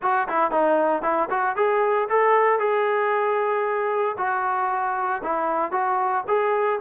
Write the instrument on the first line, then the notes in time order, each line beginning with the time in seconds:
trombone
0.01 F#4
0.28 E4
0.51 D#4
1.02 E4
1.30 F#4
1.56 G#4
2.09 A4
2.59 G#4
4.17 F#4
5.23 E4
5.71 F#4
6.27 G#4